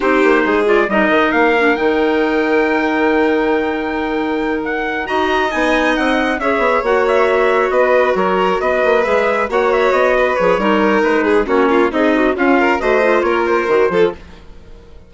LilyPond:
<<
  \new Staff \with { instrumentName = "trumpet" } { \time 4/4 \tempo 4 = 136 c''4. d''8 dis''4 f''4 | g''1~ | g''2~ g''8 fis''4 ais''8~ | ais''8 gis''4 fis''4 e''4 fis''8 |
e''4. dis''4 cis''4 dis''8~ | dis''8 e''4 fis''8 e''8 dis''4 cis''8~ | cis''4 b'4 cis''4 dis''4 | f''4 dis''4 cis''8 c''4. | }
  \new Staff \with { instrumentName = "violin" } { \time 4/4 g'4 gis'4 ais'2~ | ais'1~ | ais'2.~ ais'8 dis''8~ | dis''2~ dis''8 cis''4.~ |
cis''4. b'4 ais'4 b'8~ | b'4. cis''4. b'4 | ais'4. gis'8 fis'8 f'8 dis'4 | cis'8 ais'8 c''4 ais'4. a'8 | }
  \new Staff \with { instrumentName = "clarinet" } { \time 4/4 dis'4. f'8 dis'4. d'8 | dis'1~ | dis'2.~ dis'8 fis'8~ | fis'8 dis'2 gis'4 fis'8~ |
fis'1~ | fis'8 gis'4 fis'2 gis'8 | dis'2 cis'4 gis'8 fis'8 | f'4 fis'8 f'4. fis'8 f'8 | }
  \new Staff \with { instrumentName = "bassoon" } { \time 4/4 c'8 ais8 gis4 g8 dis8 ais4 | dis1~ | dis2.~ dis8 dis'8~ | dis'8 b4 c'4 cis'8 b8 ais8~ |
ais4. b4 fis4 b8 | ais8 gis4 ais4 b4 f8 | g4 gis4 ais4 c'4 | cis'4 a4 ais4 dis8 f8 | }
>>